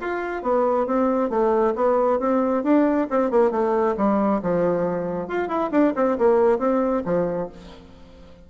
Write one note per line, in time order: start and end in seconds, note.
0.00 0.42 F4
0.42 0.86 B3
0.86 1.29 C4
1.29 1.73 A3
1.75 2.19 B3
2.19 2.63 C4
2.63 3.07 D4
3.10 3.30 C4
3.30 3.51 A#3
3.51 3.95 A3
3.97 4.41 G3
4.42 5.28 F3
5.28 5.48 F4
5.48 5.70 E4
5.71 5.93 D4
5.96 6.18 C4
6.18 6.58 A#3
6.58 7.02 C4
7.04 7.49 F3